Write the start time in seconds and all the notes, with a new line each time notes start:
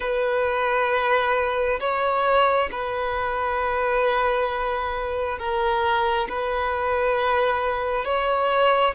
0.00 B4
1.80 C#5
2.71 B4
5.38 A#4
6.28 B4
8.04 C#5